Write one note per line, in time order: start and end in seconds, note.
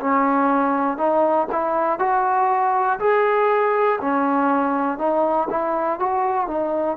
0.00 0.97 C#4
0.97 1.47 D#4
1.51 1.99 E4
1.99 2.99 F#4
2.99 3.99 G#4
4.00 4.98 C#4
4.98 5.48 D#4
5.50 5.99 E4
5.99 6.47 F#4
6.47 6.97 D#4